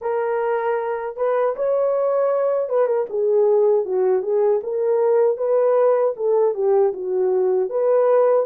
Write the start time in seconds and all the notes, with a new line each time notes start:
0.01 A#4
1.16 B4
1.56 C#5
2.69 B4
2.86 A#4
3.09 G#4
3.85 F#4
4.22 G#4
4.63 A#4
5.37 B4
6.16 A4
6.54 G4
6.93 F#4
7.69 B4